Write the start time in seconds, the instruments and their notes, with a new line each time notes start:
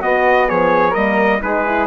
0.00 horn B3, bassoon B3, flute F#4, trumpet D#5
0.48 bassoon F3, flute G#4, trumpet C#5
0.91 bassoon G3, horn A#3, flute A#4, trumpet D#5
1.42 bassoon G#3, horn D#4, flute G#4, trumpet B4
1.66 horn E4